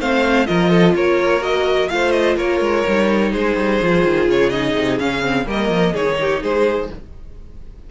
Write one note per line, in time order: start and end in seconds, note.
0.00 0.48 A3
0.00 0.46 C4
0.00 0.48 C5
0.00 0.47 F5
0.46 0.95 F3
0.46 1.41 F4
0.46 0.70 A#4
0.46 0.94 D#5
0.70 0.94 A4
0.95 1.90 A#3
0.95 1.91 A#4
0.95 1.43 C#5
1.41 1.88 F#4
1.41 1.89 D#5
1.89 2.37 A3
1.89 2.86 F4
1.89 2.37 C5
1.89 2.12 F5
2.12 2.36 D#5
2.37 2.60 A#3
2.37 3.31 A#4
2.37 3.33 C#5
2.60 2.84 G#3
2.87 3.34 G3
2.87 3.82 D#4
3.31 3.57 G#3
3.31 5.46 G#4
3.31 4.29 C5
3.57 3.80 G3
3.82 4.05 F3
3.82 4.53 F4
4.05 4.28 D#3
4.28 4.75 C#3
4.28 4.50 C#5
4.50 4.99 D#4
4.50 4.98 D#5
4.75 4.99 C3
4.99 5.46 C#3
4.99 5.22 C#4
4.99 5.47 F5
5.22 5.46 C4
5.46 5.69 G3
5.46 5.94 A#3
5.46 5.93 A#4
5.46 5.95 D#5
5.69 5.93 F3
5.93 6.42 D#3
5.93 6.90 D#4
5.93 6.17 G#4
5.93 6.43 C#5
6.21 6.43 G4
6.42 6.90 G#3
6.42 6.90 G#4
6.42 6.91 C5